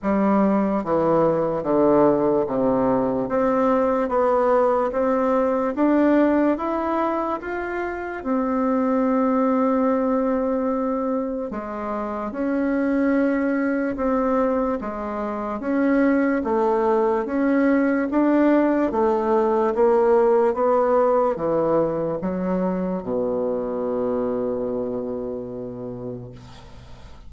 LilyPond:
\new Staff \with { instrumentName = "bassoon" } { \time 4/4 \tempo 4 = 73 g4 e4 d4 c4 | c'4 b4 c'4 d'4 | e'4 f'4 c'2~ | c'2 gis4 cis'4~ |
cis'4 c'4 gis4 cis'4 | a4 cis'4 d'4 a4 | ais4 b4 e4 fis4 | b,1 | }